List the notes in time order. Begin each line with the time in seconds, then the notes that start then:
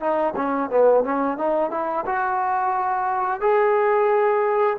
0.00 D#4
0.36 C#4
0.70 B3
1.04 C#4
1.38 D#4
1.71 E4
2.06 F#4
3.41 G#4